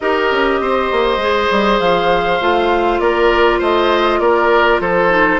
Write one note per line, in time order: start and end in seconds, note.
0.00 0.31 D#4
0.00 1.20 G4
0.00 0.61 A#4
0.00 1.79 D#5
0.31 0.60 C#4
0.60 0.90 C4
0.60 3.01 C5
0.91 1.17 A#3
1.17 1.47 G#3
1.17 2.40 G#4
1.50 1.80 G3
1.79 2.40 F3
1.79 2.99 F5
2.40 2.99 A3
2.40 5.09 F4
2.99 3.59 A#3
2.99 3.58 A#4
2.99 3.59 D5
3.58 4.19 A3
3.58 4.18 C5
3.58 4.19 D#5
4.19 4.79 A#3
4.19 4.81 A#4
4.19 4.79 D5
4.80 5.39 F3
4.80 5.39 A4
4.80 5.39 C5
5.09 5.39 D#4